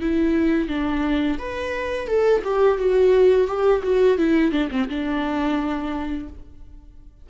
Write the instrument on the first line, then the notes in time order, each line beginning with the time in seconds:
viola
0.00 E4
0.68 D4
1.38 B4
2.07 A4
2.44 G4
2.78 F#4
3.47 G4
3.83 F#4
4.17 E4
4.51 D4
4.71 C4
4.89 D4